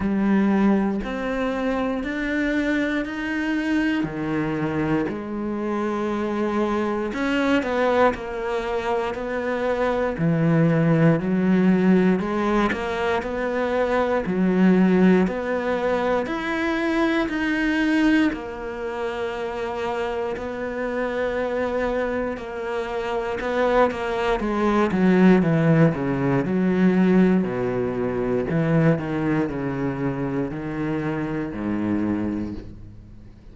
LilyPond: \new Staff \with { instrumentName = "cello" } { \time 4/4 \tempo 4 = 59 g4 c'4 d'4 dis'4 | dis4 gis2 cis'8 b8 | ais4 b4 e4 fis4 | gis8 ais8 b4 fis4 b4 |
e'4 dis'4 ais2 | b2 ais4 b8 ais8 | gis8 fis8 e8 cis8 fis4 b,4 | e8 dis8 cis4 dis4 gis,4 | }